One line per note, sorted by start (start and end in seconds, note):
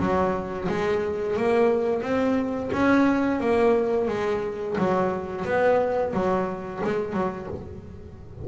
0.00 0.68 F#3
0.69 1.37 G#3
1.37 2.03 A#3
2.03 2.71 C4
2.73 3.41 C#4
3.41 4.08 A#3
4.08 4.77 G#3
4.79 5.45 F#3
5.45 6.14 B3
6.14 6.82 F#3
6.85 7.13 G#3
7.13 7.48 F#3